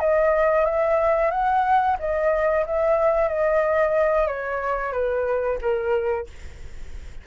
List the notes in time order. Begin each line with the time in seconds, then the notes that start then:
0.00 D#5
0.66 E5
1.31 F#5
2.00 D#5
2.66 E5
3.29 D#5
4.28 C#5
4.93 B4
5.61 A#4